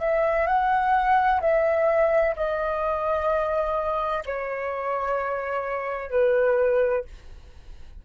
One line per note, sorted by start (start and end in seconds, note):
0.00 0.47 E5
0.47 1.41 F#5
1.41 2.35 E5
2.36 4.24 D#5
4.26 6.11 C#5
6.11 7.04 B4